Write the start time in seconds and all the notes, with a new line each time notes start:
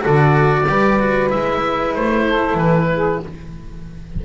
0.00 F#4 A4 D5
0.06 D3
0.69 G3 G4 B4
1.00 F#4
1.30 G#3 E4 E5
1.95 A3 C5
2.26 A4
2.54 E3 B4
2.94 G#4